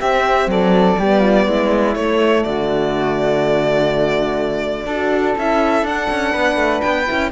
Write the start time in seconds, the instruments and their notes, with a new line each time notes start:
0.00 cello C4, horn C4, flute G4, violin E5
0.47 cello F#3, flute A4, violin D5
0.99 cello G3, horn B3, flute G4
1.20 flute F4
1.47 cello G#3, flute E4
1.95 cello A3, horn A3, violin C#5
2.43 cello D3, flute F#4, violin D5
4.86 cello D4, horn F#4, flute A4
5.38 cello C#4, horn E4, violin E5
5.83 cello D4, horn D4, violin F#5
6.10 cello C#4
6.32 cello B3, flute B4
6.56 cello A3
6.81 cello B3, violin G5
7.07 cello C#4, horn E4